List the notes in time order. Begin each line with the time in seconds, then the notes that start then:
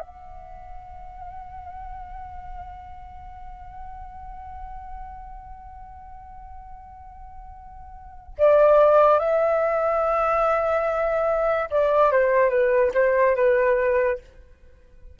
0.00 F#5
8.38 D5
9.19 E5
11.70 D5
12.12 C5
12.50 B4
12.94 C5
13.36 B4